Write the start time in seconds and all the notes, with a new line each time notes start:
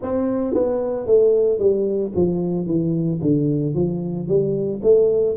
0.01 C4
0.54 B3
1.06 A3
1.58 G3
2.15 F3
2.66 E3
3.21 D3
3.74 F3
4.27 G3
4.83 A3